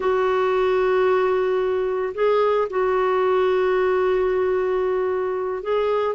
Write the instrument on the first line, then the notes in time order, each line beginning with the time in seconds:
clarinet
0.00 F#4
2.14 G#4
2.69 F#4
5.62 G#4